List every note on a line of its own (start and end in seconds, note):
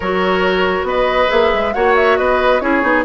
0.00 0.82 F#3
0.00 1.28 F#4
0.00 0.87 A#4
0.00 0.87 C#5
0.83 1.26 B3
0.83 1.74 B4
0.83 1.30 D#5
1.28 1.53 A#3
1.28 1.71 G#4
1.28 1.73 E5
1.53 1.75 G#3
1.73 2.18 A#3
1.73 2.61 F#4
1.73 2.18 C#5
1.73 1.94 F#5
1.95 2.17 E5
2.17 2.61 B3
2.17 2.62 B4
2.17 2.60 D#5
2.60 2.82 C#4
2.60 2.82 E4
2.60 3.04 G#4
2.60 3.04 C#5
2.82 3.04 B3
2.82 3.04 D#4